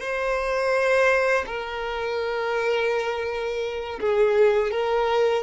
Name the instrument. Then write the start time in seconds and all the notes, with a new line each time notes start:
violin
0.00 C5
1.46 A#4
4.00 G#4
4.71 A#4